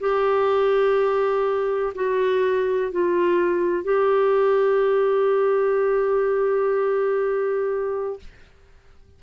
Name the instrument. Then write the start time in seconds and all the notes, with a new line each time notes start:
clarinet
0.00 G4
1.95 F#4
2.92 F4
3.84 G4